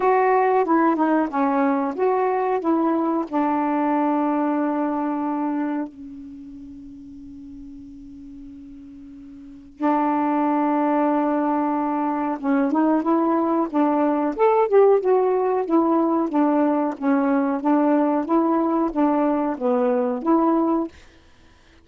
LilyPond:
\new Staff \with { instrumentName = "saxophone" } { \time 4/4 \tempo 4 = 92 fis'4 e'8 dis'8 cis'4 fis'4 | e'4 d'2.~ | d'4 cis'2.~ | cis'2. d'4~ |
d'2. cis'8 dis'8 | e'4 d'4 a'8 g'8 fis'4 | e'4 d'4 cis'4 d'4 | e'4 d'4 b4 e'4 | }